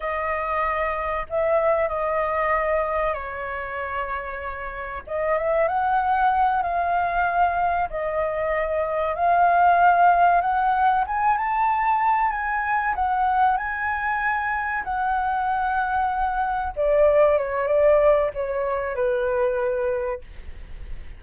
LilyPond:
\new Staff \with { instrumentName = "flute" } { \time 4/4 \tempo 4 = 95 dis''2 e''4 dis''4~ | dis''4 cis''2. | dis''8 e''8 fis''4. f''4.~ | f''8 dis''2 f''4.~ |
f''8 fis''4 gis''8 a''4. gis''8~ | gis''8 fis''4 gis''2 fis''8~ | fis''2~ fis''8 d''4 cis''8 | d''4 cis''4 b'2 | }